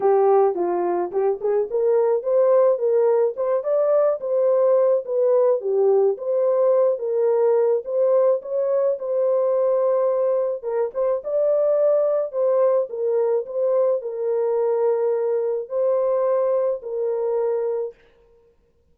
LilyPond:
\new Staff \with { instrumentName = "horn" } { \time 4/4 \tempo 4 = 107 g'4 f'4 g'8 gis'8 ais'4 | c''4 ais'4 c''8 d''4 c''8~ | c''4 b'4 g'4 c''4~ | c''8 ais'4. c''4 cis''4 |
c''2. ais'8 c''8 | d''2 c''4 ais'4 | c''4 ais'2. | c''2 ais'2 | }